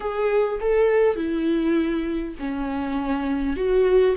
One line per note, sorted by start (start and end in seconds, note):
0.00 0.59 G#4
0.60 1.16 A4
1.16 2.35 E4
2.39 3.56 C#4
3.56 4.15 F#4